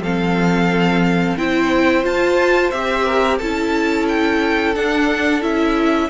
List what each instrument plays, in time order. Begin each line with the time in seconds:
0.00 cello F3, viola C4, violin A4 F5
1.37 cello C4, viola E4, violin C5 G5
2.04 viola F4, cello F4, violin A5
2.71 cello C4, viola G4, violin E5
3.06 violin A#4
3.39 cello C#4, viola E4, violin A4 A5
4.09 violin G5
4.75 viola D4, cello D4, violin F#5
5.42 cello C#4, viola E4, violin E5